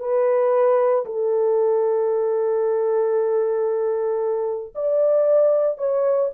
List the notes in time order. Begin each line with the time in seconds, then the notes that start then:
0.00 B4
1.06 A4
4.75 D5
5.78 C#5